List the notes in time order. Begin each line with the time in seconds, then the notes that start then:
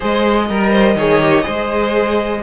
0.00 G#3 G#4 C5 D#5
0.49 G3 A#4
0.71 C5
0.95 D#3 G#4 C#5
1.21 G4
1.42 G#3 G#4 C5